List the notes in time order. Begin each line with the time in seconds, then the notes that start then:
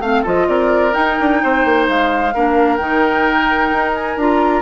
0.00 A3 C4 F5
0.23 F3 F4 A4 D#5
0.48 C4 A#4 D5
0.92 D#4 G5
1.20 D4
1.43 C4 C5
1.65 A#3
1.89 G#3 F5
2.34 A#3 D4 A#4
2.76 D#3 D#4 G5
3.72 D#4
3.95 G#5
4.17 D4 F4 A#5